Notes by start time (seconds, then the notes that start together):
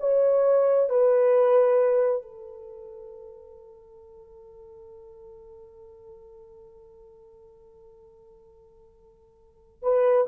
0.00 C#5
0.90 B4
2.22 A4
9.83 B4